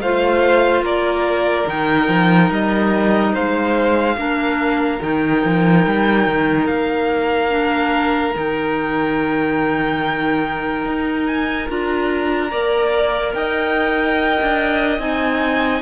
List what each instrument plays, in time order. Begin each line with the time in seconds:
0.00 cello A3, clarinet F4, violin C5 F5
0.81 cello A#3, violin A#4 D5
1.66 cello D#3, clarinet D#4, violin G5
2.08 cello F3
2.50 cello G3, violin D#5
3.33 cello G#3, violin C5 F5
4.16 cello A#3, clarinet D4, violin A#4
5.00 cello D#3, clarinet D#4, violin G5
5.44 cello F3
5.86 cello G3
6.27 cello D#3
6.66 cello A#3, violin F5
7.49 clarinet D4
8.33 cello D#3, clarinet D#4, violin G5
10.85 cello D#4
11.26 violin G#5
11.68 cello D4, clarinet F4, violin A#5
12.50 cello A#3, clarinet A#4, violin D5
13.34 cello D#4, violin D#5 G5
14.41 cello D4
14.98 cello C4, clarinet D#4, violin G#5